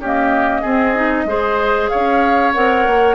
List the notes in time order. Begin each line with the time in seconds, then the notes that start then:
0.00 A#3 C#4 G4 D#5
0.61 C4 G#4
0.96 D#4
1.25 G#3 G#4 C5
1.89 C#5 F5
1.95 C#4
2.54 C4 A#4 F#5
2.87 A#3